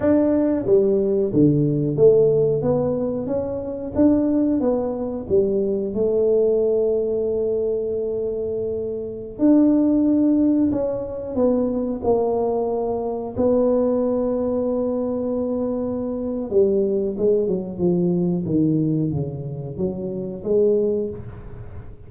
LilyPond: \new Staff \with { instrumentName = "tuba" } { \time 4/4 \tempo 4 = 91 d'4 g4 d4 a4 | b4 cis'4 d'4 b4 | g4 a2.~ | a2~ a16 d'4.~ d'16~ |
d'16 cis'4 b4 ais4.~ ais16~ | ais16 b2.~ b8.~ | b4 g4 gis8 fis8 f4 | dis4 cis4 fis4 gis4 | }